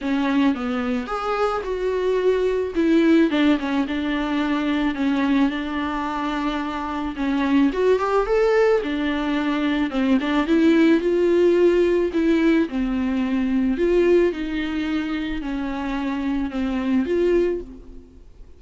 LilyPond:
\new Staff \with { instrumentName = "viola" } { \time 4/4 \tempo 4 = 109 cis'4 b4 gis'4 fis'4~ | fis'4 e'4 d'8 cis'8 d'4~ | d'4 cis'4 d'2~ | d'4 cis'4 fis'8 g'8 a'4 |
d'2 c'8 d'8 e'4 | f'2 e'4 c'4~ | c'4 f'4 dis'2 | cis'2 c'4 f'4 | }